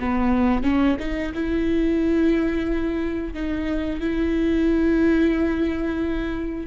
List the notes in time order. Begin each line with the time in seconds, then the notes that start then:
0.00 B3
0.64 C#4
0.99 D#4
1.35 E4
3.34 D#4
4.01 E4